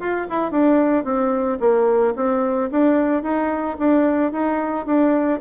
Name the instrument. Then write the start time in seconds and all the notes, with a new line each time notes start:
bassoon
0.00 F4
0.30 E4
0.52 D4
1.05 C4
1.60 A#3
2.16 C4
2.71 D4
3.23 D#4
3.79 D4
4.32 D#4
4.86 D4